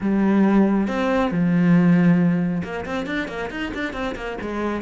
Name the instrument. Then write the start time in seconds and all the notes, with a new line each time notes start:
cello
0.00 G3
0.87 C4
1.31 F3
2.63 A#3
2.85 C4
3.06 D4
3.28 A#3
3.50 D#4
3.73 D4
3.93 C4
4.15 A#3
4.41 G#3